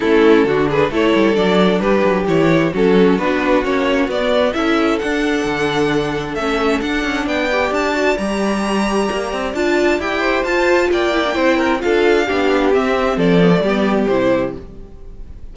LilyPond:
<<
  \new Staff \with { instrumentName = "violin" } { \time 4/4 \tempo 4 = 132 a'4. b'8 cis''4 d''4 | b'4 cis''4 a'4 b'4 | cis''4 d''4 e''4 fis''4~ | fis''2 e''4 fis''4 |
g''4 a''4 ais''2~ | ais''4 a''4 g''4 a''4 | g''2 f''2 | e''4 d''2 c''4 | }
  \new Staff \with { instrumentName = "violin" } { \time 4/4 e'4 fis'8 gis'8 a'2 | g'2 fis'2~ | fis'2 a'2~ | a'1 |
d''1~ | d''2~ d''8 c''4. | d''4 c''8 ais'8 a'4 g'4~ | g'4 a'4 g'2 | }
  \new Staff \with { instrumentName = "viola" } { \time 4/4 cis'4 d'4 e'4 d'4~ | d'4 e'4 cis'4 d'4 | cis'4 b4 e'4 d'4~ | d'2 cis'4 d'4~ |
d'8 g'4 fis'8 g'2~ | g'4 f'4 g'4 f'4~ | f'8 e'16 d'16 e'4 f'4 d'4 | c'4. b16 a16 b4 e'4 | }
  \new Staff \with { instrumentName = "cello" } { \time 4/4 a4 d4 a8 g8 fis4 | g8 fis8 e4 fis4 b4 | ais4 b4 cis'4 d'4 | d2 a4 d'8 cis'8 |
b4 d'4 g2 | ais8 c'8 d'4 e'4 f'4 | ais4 c'4 d'4 b4 | c'4 f4 g4 c4 | }
>>